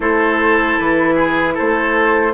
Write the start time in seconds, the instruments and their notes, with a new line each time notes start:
0.00 bassoon A3, clarinet E4, oboe A4, flute C5
0.78 bassoon E3, flute B4
1.14 oboe G#4
1.54 oboe A4, flute C5
1.60 bassoon A3